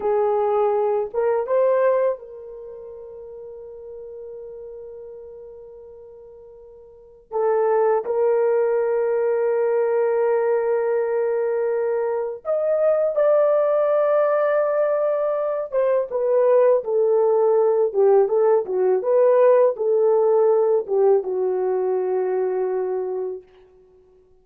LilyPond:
\new Staff \with { instrumentName = "horn" } { \time 4/4 \tempo 4 = 82 gis'4. ais'8 c''4 ais'4~ | ais'1~ | ais'2 a'4 ais'4~ | ais'1~ |
ais'4 dis''4 d''2~ | d''4. c''8 b'4 a'4~ | a'8 g'8 a'8 fis'8 b'4 a'4~ | a'8 g'8 fis'2. | }